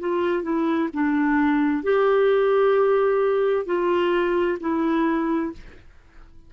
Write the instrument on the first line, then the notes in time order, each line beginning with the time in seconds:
clarinet
0.00 F4
0.43 E4
0.94 D4
1.83 G4
3.66 F4
4.60 E4